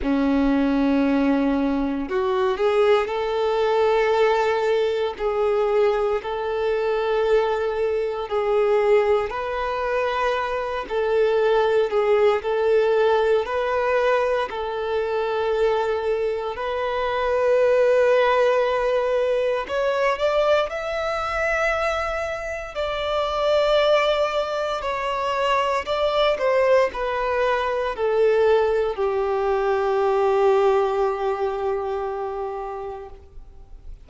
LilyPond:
\new Staff \with { instrumentName = "violin" } { \time 4/4 \tempo 4 = 58 cis'2 fis'8 gis'8 a'4~ | a'4 gis'4 a'2 | gis'4 b'4. a'4 gis'8 | a'4 b'4 a'2 |
b'2. cis''8 d''8 | e''2 d''2 | cis''4 d''8 c''8 b'4 a'4 | g'1 | }